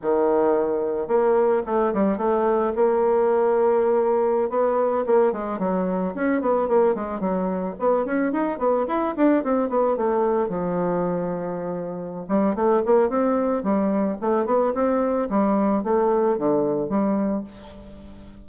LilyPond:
\new Staff \with { instrumentName = "bassoon" } { \time 4/4 \tempo 4 = 110 dis2 ais4 a8 g8 | a4 ais2.~ | ais16 b4 ais8 gis8 fis4 cis'8 b16~ | b16 ais8 gis8 fis4 b8 cis'8 dis'8 b16~ |
b16 e'8 d'8 c'8 b8 a4 f8.~ | f2~ f8 g8 a8 ais8 | c'4 g4 a8 b8 c'4 | g4 a4 d4 g4 | }